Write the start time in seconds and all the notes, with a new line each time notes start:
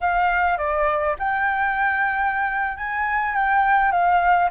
0.01 F5
0.57 D5
1.18 G5
2.77 G#5
3.35 G5
3.91 F5